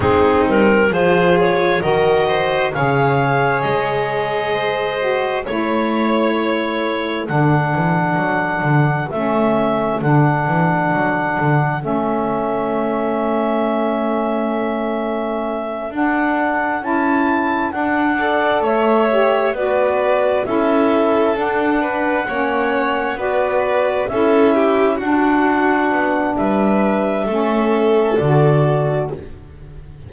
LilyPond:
<<
  \new Staff \with { instrumentName = "clarinet" } { \time 4/4 \tempo 4 = 66 gis'8 ais'8 c''8 cis''8 dis''4 f''4 | dis''2 cis''2 | fis''2 e''4 fis''4~ | fis''4 e''2.~ |
e''4. fis''4 a''4 fis''8~ | fis''8 e''4 d''4 e''4 fis''8~ | fis''4. d''4 e''4 fis''8~ | fis''4 e''2 d''4 | }
  \new Staff \with { instrumentName = "violin" } { \time 4/4 dis'4 gis'4 ais'8 c''8 cis''4~ | cis''4 c''4 cis''2 | a'1~ | a'1~ |
a'1 | d''8 cis''4 b'4 a'4. | b'8 cis''4 b'4 a'8 g'8 fis'8~ | fis'4 b'4 a'2 | }
  \new Staff \with { instrumentName = "saxophone" } { \time 4/4 c'4 f'4 fis'4 gis'4~ | gis'4. fis'8 e'2 | d'2 cis'4 d'4~ | d'4 cis'2.~ |
cis'4. d'4 e'4 d'8 | a'4 g'8 fis'4 e'4 d'8~ | d'8 cis'4 fis'4 e'4 d'8~ | d'2 cis'4 fis'4 | }
  \new Staff \with { instrumentName = "double bass" } { \time 4/4 gis8 g8 f4 dis4 cis4 | gis2 a2 | d8 e8 fis8 d8 a4 d8 e8 | fis8 d8 a2.~ |
a4. d'4 cis'4 d'8~ | d'8 a4 b4 cis'4 d'8~ | d'8 ais4 b4 cis'4 d'8~ | d'8 b8 g4 a4 d4 | }
>>